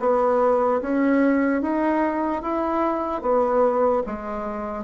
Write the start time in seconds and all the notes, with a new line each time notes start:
0.00 B3
0.81 C#4
1.62 D#4
2.42 E4
3.21 B3
4.06 G#3